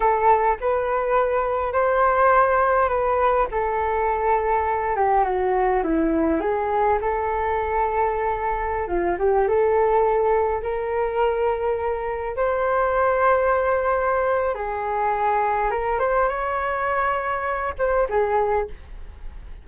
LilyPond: \new Staff \with { instrumentName = "flute" } { \time 4/4 \tempo 4 = 103 a'4 b'2 c''4~ | c''4 b'4 a'2~ | a'8 g'8 fis'4 e'4 gis'4 | a'2.~ a'16 f'8 g'16~ |
g'16 a'2 ais'4.~ ais'16~ | ais'4~ ais'16 c''2~ c''8.~ | c''4 gis'2 ais'8 c''8 | cis''2~ cis''8 c''8 gis'4 | }